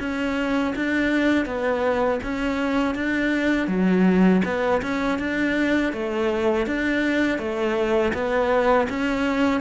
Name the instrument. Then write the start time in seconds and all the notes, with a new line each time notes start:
cello
0.00 C#4
0.76 D4
1.46 B3
2.24 C#4
2.95 D4
3.68 F#3
4.45 B3
4.82 C#4
5.19 D4
5.93 A3
6.67 D4
7.39 A3
8.14 B3
8.90 C#4